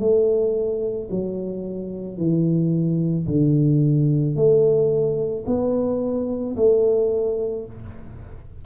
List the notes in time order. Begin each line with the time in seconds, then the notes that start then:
0.00 A3
1.11 F#3
2.18 E3
3.27 D3
4.36 A3
5.46 B3
6.57 A3